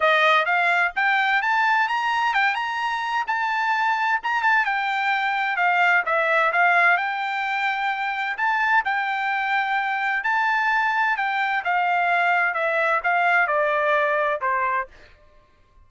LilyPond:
\new Staff \with { instrumentName = "trumpet" } { \time 4/4 \tempo 4 = 129 dis''4 f''4 g''4 a''4 | ais''4 g''8 ais''4. a''4~ | a''4 ais''8 a''8 g''2 | f''4 e''4 f''4 g''4~ |
g''2 a''4 g''4~ | g''2 a''2 | g''4 f''2 e''4 | f''4 d''2 c''4 | }